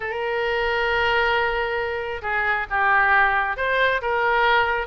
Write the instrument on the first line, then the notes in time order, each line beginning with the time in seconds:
oboe
0.00 A#4
2.22 G#4
2.69 G4
3.56 C5
4.01 A#4